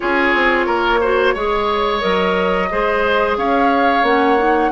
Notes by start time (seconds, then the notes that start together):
0.00 C#4 F4 G#4 C#5
0.34 C4
0.65 A#3 A#4
1.01 F#4 C5
1.34 G#3 G#4 C#5
2.00 F#3 A#4 D#5
2.70 G#3 G#4 C5
3.37 C#4 C#5 F5
4.03 A#3 C#4 F#5
4.38 D#4